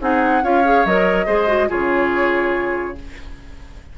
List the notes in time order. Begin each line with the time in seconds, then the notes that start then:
0.00 C4 D#4 G#4 F#5
0.43 C#4 F4 C#5 F5
0.64 G#4
0.86 F#3 A#4 D#5
1.26 G#3 G#4 C5
1.48 F#4
1.69 C#3 F4 G#4 C#5